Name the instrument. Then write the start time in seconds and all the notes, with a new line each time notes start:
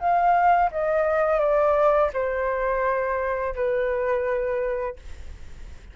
flute
0.00 F5
0.72 D#5
1.40 D5
2.14 C5
3.55 B4